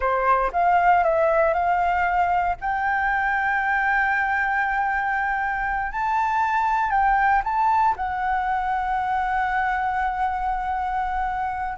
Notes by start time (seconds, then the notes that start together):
0.00 C5
0.52 F5
1.03 E5
1.53 F5
2.60 G5
5.91 A5
6.90 G5
7.44 A5
7.96 F#5